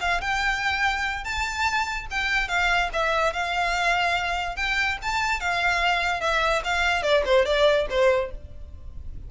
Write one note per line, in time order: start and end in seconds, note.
0.00 0.21 F5
0.21 1.24 G5
1.24 2.07 A5
2.10 2.48 G5
2.48 2.89 F5
2.93 3.33 E5
3.33 4.56 F5
4.56 4.97 G5
5.02 5.40 A5
5.40 6.20 F5
6.20 6.62 E5
6.64 7.03 F5
7.03 7.23 D5
7.25 7.45 C5
7.45 7.86 D5
7.89 8.31 C5